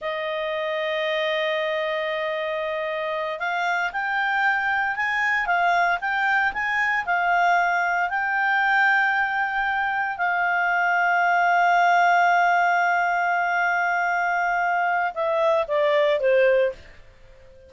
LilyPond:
\new Staff \with { instrumentName = "clarinet" } { \time 4/4 \tempo 4 = 115 dis''1~ | dis''2~ dis''8 f''4 g''8~ | g''4. gis''4 f''4 g''8~ | g''8 gis''4 f''2 g''8~ |
g''2.~ g''8 f''8~ | f''1~ | f''1~ | f''4 e''4 d''4 c''4 | }